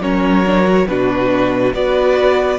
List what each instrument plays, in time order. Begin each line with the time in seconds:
0.00 cello F#3, viola C#4, violin A#4 C#5
0.46 viola D4
0.65 viola F#4
0.87 cello B2, viola D4, violin F#4 B4
1.73 cello B3, viola F#4, violin B4 D5